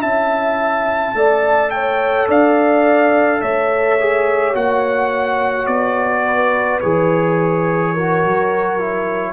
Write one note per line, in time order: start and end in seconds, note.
0.00 1.14 C#4
0.00 1.15 E4
0.00 1.13 E5
0.00 1.71 A5
1.14 2.28 A3
1.14 3.98 A4
1.14 1.73 D5
1.71 2.27 C#5
1.71 2.27 G5
2.27 3.42 D4
2.27 3.41 D5
2.27 3.42 F5
3.42 4.54 A3
3.42 6.25 C#5
3.42 4.55 E5
4.01 4.55 G#4
4.54 5.67 A#3
4.54 6.81 F#4
4.54 5.67 F#5
5.67 6.80 B3
5.67 6.80 D5
6.25 7.93 B4
6.81 8.25 E3
6.81 7.96 G#4
6.81 9.33 C#5
7.93 8.79 F#4
7.93 9.33 A#4
8.25 9.33 F#3
8.79 9.33 E4